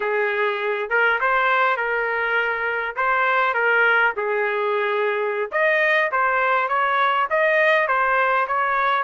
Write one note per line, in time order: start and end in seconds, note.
0.00 0.89 G#4
0.89 1.19 A#4
1.20 1.77 C5
1.77 2.95 A#4
2.96 3.53 C5
3.53 4.13 A#4
4.16 5.50 G#4
5.51 6.11 D#5
6.11 6.68 C5
6.68 7.27 C#5
7.30 7.87 D#5
7.87 8.47 C5
8.47 9.03 C#5